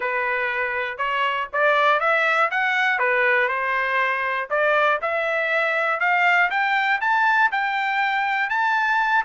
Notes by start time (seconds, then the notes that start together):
0.00 B4
0.97 C#5
1.52 D5
2.00 E5
2.50 F#5
2.98 B4
3.48 C5
4.50 D5
5.01 E5
6.00 F5
6.50 G5
7.00 A5
7.51 G5
8.49 A5